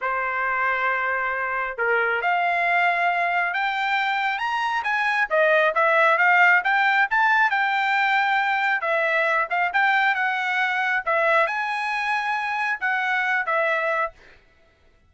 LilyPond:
\new Staff \with { instrumentName = "trumpet" } { \time 4/4 \tempo 4 = 136 c''1 | ais'4 f''2. | g''2 ais''4 gis''4 | dis''4 e''4 f''4 g''4 |
a''4 g''2. | e''4. f''8 g''4 fis''4~ | fis''4 e''4 gis''2~ | gis''4 fis''4. e''4. | }